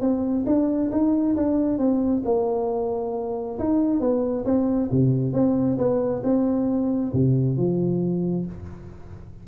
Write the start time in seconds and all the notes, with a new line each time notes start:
0.00 C4
0.46 D4
0.91 D#4
1.36 D4
1.78 C4
2.24 A#3
3.59 D#4
4.00 B3
4.45 C4
4.91 C3
5.33 C4
5.77 B3
6.23 C4
7.13 C3
7.57 F3